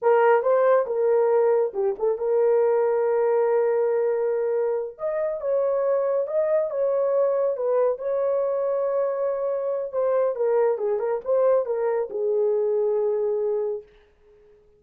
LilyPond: \new Staff \with { instrumentName = "horn" } { \time 4/4 \tempo 4 = 139 ais'4 c''4 ais'2 | g'8 a'8 ais'2.~ | ais'2.~ ais'8 dis''8~ | dis''8 cis''2 dis''4 cis''8~ |
cis''4. b'4 cis''4.~ | cis''2. c''4 | ais'4 gis'8 ais'8 c''4 ais'4 | gis'1 | }